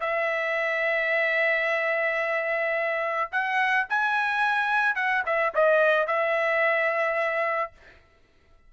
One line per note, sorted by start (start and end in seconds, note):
0.00 3.30 E5
3.32 3.87 F#5
3.89 4.95 G#5
4.95 5.23 F#5
5.25 5.53 E5
5.54 6.07 D#5
6.07 7.72 E5